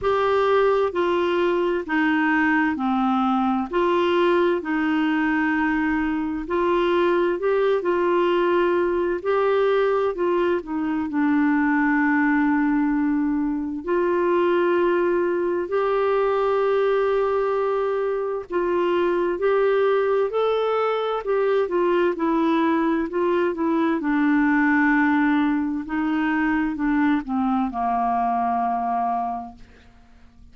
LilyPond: \new Staff \with { instrumentName = "clarinet" } { \time 4/4 \tempo 4 = 65 g'4 f'4 dis'4 c'4 | f'4 dis'2 f'4 | g'8 f'4. g'4 f'8 dis'8 | d'2. f'4~ |
f'4 g'2. | f'4 g'4 a'4 g'8 f'8 | e'4 f'8 e'8 d'2 | dis'4 d'8 c'8 ais2 | }